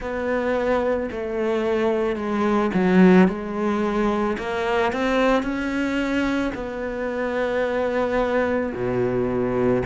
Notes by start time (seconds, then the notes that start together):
0.00 B3
1.11 A3
2.16 G#3
2.73 F#3
3.28 G#3
4.38 A#3
4.92 C4
5.42 C#4
6.54 B3
8.73 B2